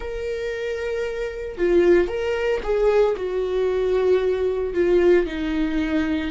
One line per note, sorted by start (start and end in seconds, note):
0.00 1.57 A#4
1.57 2.08 F4
2.08 2.60 A#4
2.63 3.15 G#4
3.16 4.74 F#4
4.74 5.26 F4
5.26 6.30 D#4